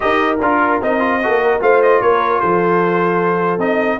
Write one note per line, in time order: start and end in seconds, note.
0.00 0.40 D#4
0.00 0.37 G4
0.00 1.21 A#4
0.00 0.38 D#5
0.40 0.80 D4
0.40 0.81 F4
0.40 0.81 A#4
0.81 1.28 C4
0.81 0.99 D#4
0.81 1.62 D#5
0.99 1.19 F4
1.22 1.58 A#3
1.22 1.60 F#4
1.22 1.42 A4
1.42 1.62 A#4
1.60 2.01 A3
1.60 3.59 F4
1.60 2.02 C5
1.60 1.82 F5
1.82 2.01 D#5
2.01 2.42 A#3
2.01 2.40 A#4
2.01 2.40 C#5
2.40 3.57 F3
2.40 4.00 A4
2.40 3.60 C5
3.57 3.97 C4
3.57 3.99 D#4
3.57 4.00 D#5